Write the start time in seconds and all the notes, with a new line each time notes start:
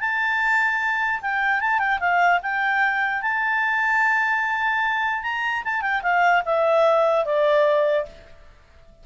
0.00 A5
1.22 G5
1.61 A5
1.79 G5
2.00 F5
2.43 G5
3.22 A5
5.23 A#5
5.65 A5
5.82 G5
6.03 F5
6.45 E5
7.25 D5